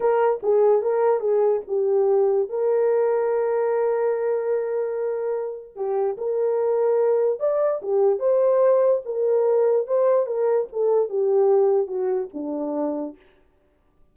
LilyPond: \new Staff \with { instrumentName = "horn" } { \time 4/4 \tempo 4 = 146 ais'4 gis'4 ais'4 gis'4 | g'2 ais'2~ | ais'1~ | ais'2 g'4 ais'4~ |
ais'2 d''4 g'4 | c''2 ais'2 | c''4 ais'4 a'4 g'4~ | g'4 fis'4 d'2 | }